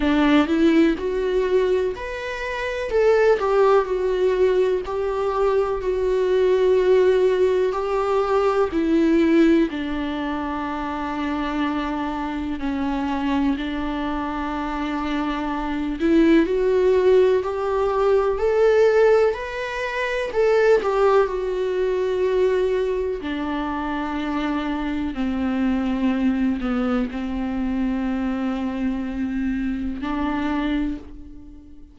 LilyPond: \new Staff \with { instrumentName = "viola" } { \time 4/4 \tempo 4 = 62 d'8 e'8 fis'4 b'4 a'8 g'8 | fis'4 g'4 fis'2 | g'4 e'4 d'2~ | d'4 cis'4 d'2~ |
d'8 e'8 fis'4 g'4 a'4 | b'4 a'8 g'8 fis'2 | d'2 c'4. b8 | c'2. d'4 | }